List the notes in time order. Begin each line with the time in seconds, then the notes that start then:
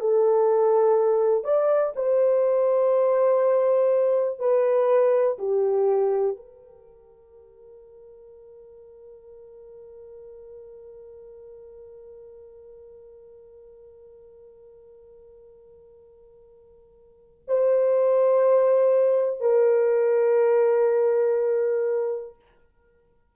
0.00 A4
1.44 D5
1.95 C5
4.39 B4
5.38 G4
6.37 A#4
17.48 C5
19.40 A#4